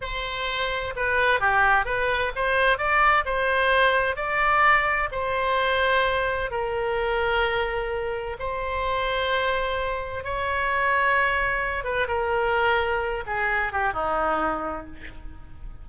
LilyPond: \new Staff \with { instrumentName = "oboe" } { \time 4/4 \tempo 4 = 129 c''2 b'4 g'4 | b'4 c''4 d''4 c''4~ | c''4 d''2 c''4~ | c''2 ais'2~ |
ais'2 c''2~ | c''2 cis''2~ | cis''4. b'8 ais'2~ | ais'8 gis'4 g'8 dis'2 | }